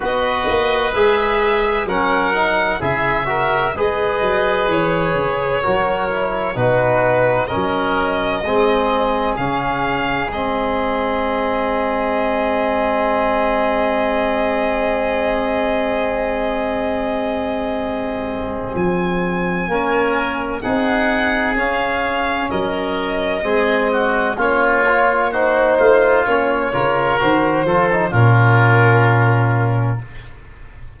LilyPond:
<<
  \new Staff \with { instrumentName = "violin" } { \time 4/4 \tempo 4 = 64 dis''4 e''4 fis''4 e''4 | dis''4 cis''2 b'4 | dis''2 f''4 dis''4~ | dis''1~ |
dis''1 | gis''2 fis''4 f''4 | dis''2 cis''4 c''4 | cis''4 c''4 ais'2 | }
  \new Staff \with { instrumentName = "oboe" } { \time 4/4 b'2 ais'4 gis'8 ais'8 | b'2 ais'4 fis'4 | ais'4 gis'2.~ | gis'1~ |
gis'1~ | gis'4 ais'4 gis'2 | ais'4 gis'8 fis'8 f'4 fis'8 f'8~ | f'8 ais'4 a'8 f'2 | }
  \new Staff \with { instrumentName = "trombone" } { \time 4/4 fis'4 gis'4 cis'8 dis'8 e'8 fis'8 | gis'2 fis'8 e'8 dis'4 | cis'4 c'4 cis'4 c'4~ | c'1~ |
c'1~ | c'4 cis'4 dis'4 cis'4~ | cis'4 c'4 cis'8 f'8 dis'4 | cis'8 f'8 fis'8 f'16 dis'16 cis'2 | }
  \new Staff \with { instrumentName = "tuba" } { \time 4/4 b8 ais8 gis4 fis4 cis4 | gis8 fis8 e8 cis8 fis4 b,4 | fis4 gis4 cis4 gis4~ | gis1~ |
gis1 | f4 ais4 c'4 cis'4 | fis4 gis4 ais4. a8 | ais8 cis8 dis8 f8 ais,2 | }
>>